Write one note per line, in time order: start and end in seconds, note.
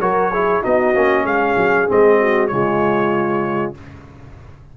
0.00 0.62 F#3
0.00 0.32 F#4
0.00 0.32 A#4
0.00 0.64 C#5
0.32 0.63 E4
0.32 0.62 G#4
0.62 0.95 B3
0.62 0.94 D#4
0.62 1.25 F#4
0.62 1.26 D#5
0.95 1.24 A#3
0.95 1.88 C#4
1.24 1.56 G#3
1.24 2.18 G#4
1.24 1.89 F5
1.57 1.88 F#3
1.88 2.52 G#3
1.88 2.50 C4
1.88 2.48 D#5
2.20 2.51 F#4
2.48 3.77 C#3
2.48 3.75 G#3
2.48 3.76 F4
2.48 3.73 C#5